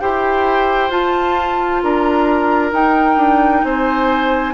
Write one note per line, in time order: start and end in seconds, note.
0.00 0.90 E4
0.00 0.91 G4
0.00 1.83 C5
0.00 0.91 G5
0.90 1.81 F4
0.90 2.72 F4
0.90 1.82 A5
1.83 2.73 D4
1.83 3.65 A#4
1.83 2.74 A#5
2.73 3.17 D#4
2.73 4.54 D#4
2.73 3.64 G5
3.17 3.62 D4
3.64 4.54 C4
3.64 4.54 C5
3.64 4.54 G#5